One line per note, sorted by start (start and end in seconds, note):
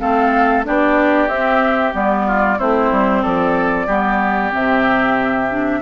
0.00 0.67 A3
0.00 0.65 C4
0.00 0.66 A4
0.00 0.65 F5
0.65 1.29 B3
0.65 1.29 D4
0.65 2.27 G4
0.65 1.29 D5
1.29 1.93 C4
1.29 1.93 E5
1.93 2.59 G3
1.93 2.58 B3
1.93 2.60 D5
2.27 2.58 F4
2.58 2.92 A3
2.58 3.88 C4
2.58 3.23 E4
2.58 3.23 C5
2.92 3.24 G3
3.23 3.88 F3
3.23 3.87 A4
3.23 4.52 D5
3.87 4.52 G3
3.87 4.52 B3
3.87 5.80 G4
4.52 5.82 C3
4.52 5.49 C4
4.52 5.82 E5
5.50 5.82 D4